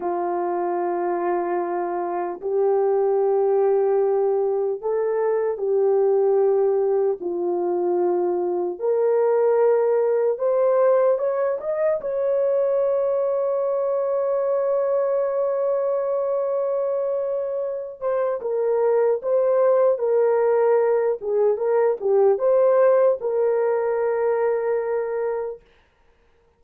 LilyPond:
\new Staff \with { instrumentName = "horn" } { \time 4/4 \tempo 4 = 75 f'2. g'4~ | g'2 a'4 g'4~ | g'4 f'2 ais'4~ | ais'4 c''4 cis''8 dis''8 cis''4~ |
cis''1~ | cis''2~ cis''8 c''8 ais'4 | c''4 ais'4. gis'8 ais'8 g'8 | c''4 ais'2. | }